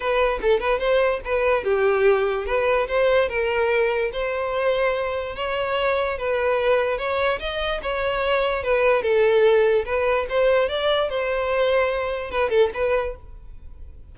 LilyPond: \new Staff \with { instrumentName = "violin" } { \time 4/4 \tempo 4 = 146 b'4 a'8 b'8 c''4 b'4 | g'2 b'4 c''4 | ais'2 c''2~ | c''4 cis''2 b'4~ |
b'4 cis''4 dis''4 cis''4~ | cis''4 b'4 a'2 | b'4 c''4 d''4 c''4~ | c''2 b'8 a'8 b'4 | }